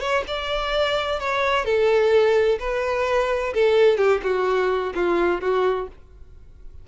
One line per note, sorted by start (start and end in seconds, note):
0.00 0.23 C#5
0.27 1.20 D5
1.20 1.65 C#5
1.65 2.58 A4
2.59 3.53 B4
3.54 3.97 A4
3.97 4.21 G4
4.23 4.93 F#4
4.94 5.41 F4
5.41 5.88 F#4